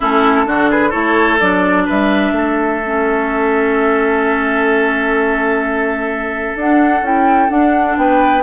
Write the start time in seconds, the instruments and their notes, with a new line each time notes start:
0.00 bassoon A3, clarinet C#4, oboe E4, flute A4
0.45 bassoon D3, clarinet D4, oboe F#4
0.70 oboe G#4, flute B4
0.89 bassoon A3, clarinet E4, oboe A4, flute C#5
1.39 bassoon F#3, clarinet D4, flute D5
1.85 bassoon G3, oboe B4, flute E5
2.31 bassoon A3, oboe A4
2.85 clarinet C#4
6.55 bassoon D4, clarinet D4, flute F#5
7.01 bassoon C#4, clarinet E4, flute G5
7.48 clarinet D4, bassoon D4, flute F#5
7.96 bassoon B3, oboe B4, flute G5